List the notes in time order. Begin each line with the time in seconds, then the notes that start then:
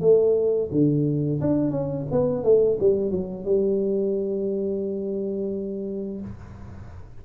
0.00 A3
0.71 D3
1.40 D4
1.71 C#4
2.11 B3
2.43 A3
2.79 G3
3.10 F#3
3.45 G3